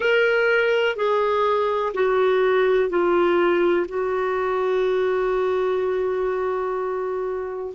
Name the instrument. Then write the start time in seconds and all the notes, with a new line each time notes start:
clarinet
0.00 A#4
0.96 G#4
1.94 F#4
2.89 F4
3.88 F#4